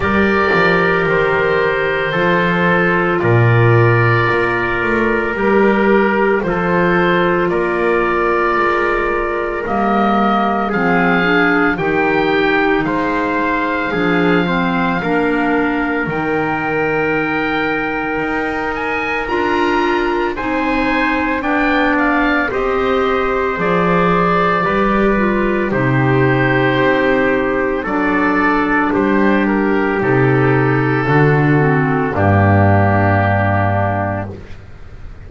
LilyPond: <<
  \new Staff \with { instrumentName = "oboe" } { \time 4/4 \tempo 4 = 56 d''4 c''2 d''4~ | d''4 ais'4 c''4 d''4~ | d''4 dis''4 f''4 g''4 | f''2. g''4~ |
g''4. gis''8 ais''4 gis''4 | g''8 f''8 dis''4 d''2 | c''2 d''4 c''8 ais'8 | a'2 g'2 | }
  \new Staff \with { instrumentName = "trumpet" } { \time 4/4 ais'2 a'4 ais'4~ | ais'2 a'4 ais'4~ | ais'2 gis'4 g'4 | c''4 gis'8 c''8 ais'2~ |
ais'2. c''4 | d''4 c''2 b'4 | g'2 a'4 g'4~ | g'4 fis'4 d'2 | }
  \new Staff \with { instrumentName = "clarinet" } { \time 4/4 g'2 f'2~ | f'4 g'4 f'2~ | f'4 ais4 c'8 d'8 dis'4~ | dis'4 d'8 c'8 d'4 dis'4~ |
dis'2 f'4 dis'4 | d'4 g'4 gis'4 g'8 f'8 | dis'2 d'2 | dis'4 d'8 c'8 ais2 | }
  \new Staff \with { instrumentName = "double bass" } { \time 4/4 g8 f8 dis4 f4 ais,4 | ais8 a8 g4 f4 ais4 | gis4 g4 f4 dis4 | gis4 f4 ais4 dis4~ |
dis4 dis'4 d'4 c'4 | b4 c'4 f4 g4 | c4 c'4 fis4 g4 | c4 d4 g,2 | }
>>